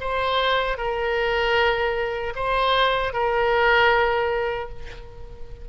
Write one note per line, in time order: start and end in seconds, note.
0.00 0.77 C5
0.77 2.33 A#4
2.35 3.13 C5
3.13 4.69 A#4